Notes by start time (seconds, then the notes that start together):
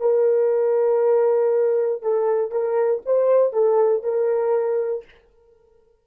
0.00 A#4
2.02 A4
2.51 A#4
3.06 C5
3.53 A4
4.03 A#4